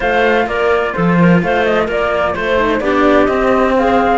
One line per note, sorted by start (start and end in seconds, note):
0.00 0.46 A3
0.00 2.56 F4
0.00 0.47 C5
0.00 0.47 F5
0.46 0.93 A#3
0.46 0.94 A#4
0.46 0.93 D5
0.93 1.42 F3
0.93 1.18 A4
0.93 1.40 C5
1.20 1.43 A#4
1.42 1.88 A3
1.42 1.85 C5
1.42 1.64 F5
1.64 1.88 D#5
1.85 2.34 A#3
1.85 2.32 A#4
1.91 2.35 D5
2.33 2.80 A3
2.33 2.80 C5
2.57 2.80 D#4
2.80 3.27 B3
2.80 3.28 D4
2.80 3.75 G4
2.80 3.26 D5
3.26 4.18 C4
3.26 3.72 D#5
3.77 4.18 G#4
3.77 4.18 F5